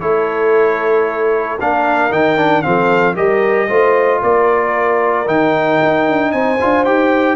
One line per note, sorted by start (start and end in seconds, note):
0.00 1.60 A3
0.00 1.59 E4
0.00 1.58 A4
0.00 1.58 C#5
1.58 2.11 A#3
1.58 2.10 D4
1.58 2.64 A#4
1.58 2.12 F5
2.10 2.63 D#3
2.10 2.37 D#4
2.10 2.62 G5
2.37 2.63 D4
2.62 3.16 F3
2.62 3.16 C4
2.62 3.15 A4
2.62 3.15 F5
3.15 3.69 G3
3.15 3.68 G4
3.15 3.68 A#4
3.15 4.22 D#5
3.68 4.22 A3
3.68 5.26 F4
3.68 4.21 C5
4.23 5.27 A#3
4.23 6.32 A#4
4.23 5.28 D5
5.26 5.80 D#3
5.26 6.58 D#4
5.26 6.32 G5
5.82 6.08 D#4
6.08 6.33 D4
6.32 6.59 C4
6.32 7.36 C5
6.32 6.84 G#5
6.61 6.87 D4
6.61 6.86 F4
6.85 7.36 D#4
6.85 7.36 G4
6.85 7.36 G5